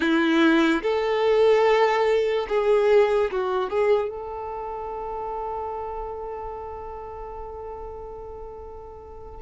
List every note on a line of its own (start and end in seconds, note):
0.00 0.82 E4
0.82 2.47 A4
2.48 3.31 G#4
3.31 3.69 F#4
3.69 4.09 G#4
4.09 9.42 A4